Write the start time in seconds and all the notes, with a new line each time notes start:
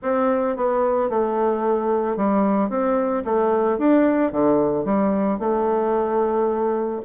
0.02 C4
0.56 B3
1.09 A3
2.16 G3
2.69 C4
3.24 A3
3.78 D4
4.32 D3
4.85 G3
5.39 A3